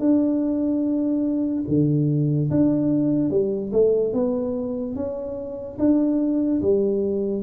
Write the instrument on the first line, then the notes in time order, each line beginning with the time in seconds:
tuba
0.00 D4
1.68 D3
2.51 D4
3.31 G3
3.72 A3
4.14 B3
4.96 C#4
5.79 D4
6.62 G3